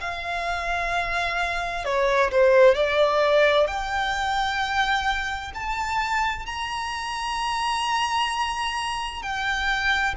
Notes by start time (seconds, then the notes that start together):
0.00 F5
1.85 C#5
2.31 C5
2.74 D5
3.67 G5
5.54 A5
6.46 A#5
9.22 G5